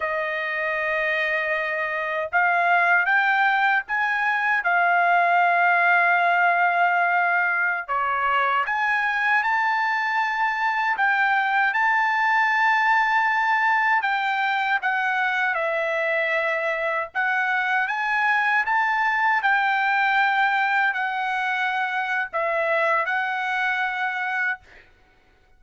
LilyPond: \new Staff \with { instrumentName = "trumpet" } { \time 4/4 \tempo 4 = 78 dis''2. f''4 | g''4 gis''4 f''2~ | f''2~ f''16 cis''4 gis''8.~ | gis''16 a''2 g''4 a''8.~ |
a''2~ a''16 g''4 fis''8.~ | fis''16 e''2 fis''4 gis''8.~ | gis''16 a''4 g''2 fis''8.~ | fis''4 e''4 fis''2 | }